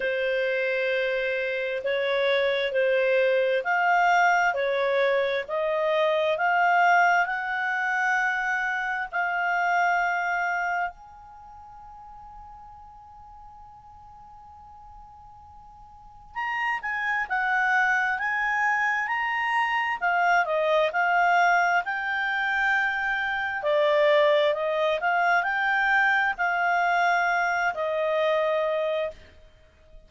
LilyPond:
\new Staff \with { instrumentName = "clarinet" } { \time 4/4 \tempo 4 = 66 c''2 cis''4 c''4 | f''4 cis''4 dis''4 f''4 | fis''2 f''2 | gis''1~ |
gis''2 ais''8 gis''8 fis''4 | gis''4 ais''4 f''8 dis''8 f''4 | g''2 d''4 dis''8 f''8 | g''4 f''4. dis''4. | }